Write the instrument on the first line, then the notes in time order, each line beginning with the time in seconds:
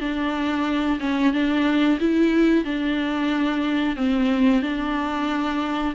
viola
0.00 D4
1.00 C#4
1.33 D4
2.00 E4
2.65 D4
3.96 C4
4.62 D4